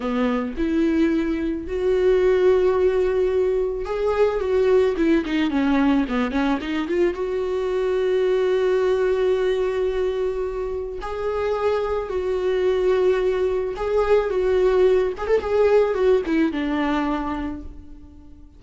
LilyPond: \new Staff \with { instrumentName = "viola" } { \time 4/4 \tempo 4 = 109 b4 e'2 fis'4~ | fis'2. gis'4 | fis'4 e'8 dis'8 cis'4 b8 cis'8 | dis'8 f'8 fis'2.~ |
fis'1 | gis'2 fis'2~ | fis'4 gis'4 fis'4. gis'16 a'16 | gis'4 fis'8 e'8 d'2 | }